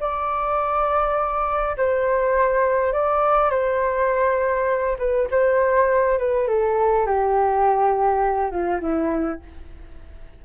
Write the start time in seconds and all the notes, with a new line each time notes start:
0.00 D5
1.77 C5
2.93 D5
3.51 C5
4.98 B4
5.31 C5
6.18 B4
6.48 A4
7.07 G4
8.51 F4
8.81 E4